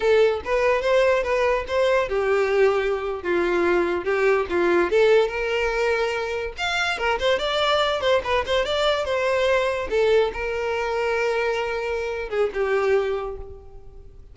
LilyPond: \new Staff \with { instrumentName = "violin" } { \time 4/4 \tempo 4 = 144 a'4 b'4 c''4 b'4 | c''4 g'2~ g'8. f'16~ | f'4.~ f'16 g'4 f'4 a'16~ | a'8. ais'2. f''16~ |
f''8. ais'8 c''8 d''4. c''8 b'16~ | b'16 c''8 d''4 c''2 a'16~ | a'8. ais'2.~ ais'16~ | ais'4. gis'8 g'2 | }